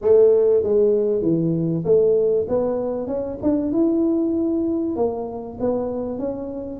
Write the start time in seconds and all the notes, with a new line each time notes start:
0.01 A3
0.63 G#3
1.22 E3
1.84 A3
2.48 B3
3.07 C#4
3.42 D4
3.72 E4
4.96 A#3
5.60 B3
6.19 C#4